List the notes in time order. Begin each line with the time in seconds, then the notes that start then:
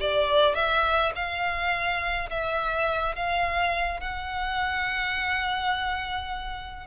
0.00 D5
0.55 E5
1.15 F5
2.30 E5
3.15 F5
4.00 F#5